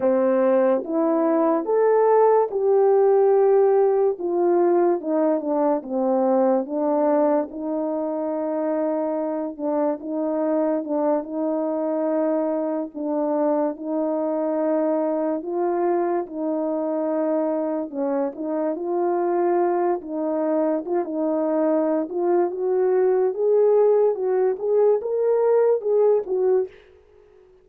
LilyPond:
\new Staff \with { instrumentName = "horn" } { \time 4/4 \tempo 4 = 72 c'4 e'4 a'4 g'4~ | g'4 f'4 dis'8 d'8 c'4 | d'4 dis'2~ dis'8 d'8 | dis'4 d'8 dis'2 d'8~ |
d'8 dis'2 f'4 dis'8~ | dis'4. cis'8 dis'8 f'4. | dis'4 f'16 dis'4~ dis'16 f'8 fis'4 | gis'4 fis'8 gis'8 ais'4 gis'8 fis'8 | }